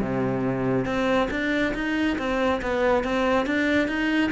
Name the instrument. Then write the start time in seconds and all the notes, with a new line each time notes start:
cello
0.00 C3
0.85 C4
1.30 D4
1.74 D#4
2.18 C4
2.62 B3
3.03 C4
3.46 D4
3.87 D#4